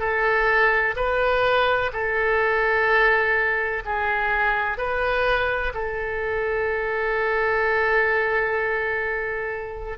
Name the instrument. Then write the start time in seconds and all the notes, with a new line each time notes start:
oboe
0.00 A4
0.97 B4
1.93 A4
3.85 G#4
4.78 B4
5.74 A4